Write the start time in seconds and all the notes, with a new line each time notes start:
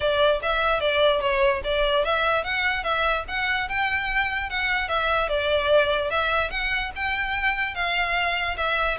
0.00 D5
0.42 E5
0.80 D5
1.20 C#5
1.64 D5
2.04 E5
2.43 F#5
2.83 E5
3.28 F#5
3.68 G5
4.49 F#5
4.88 E5
5.28 D5
6.10 E5
6.50 F#5
6.95 G5
7.74 F5
8.57 E5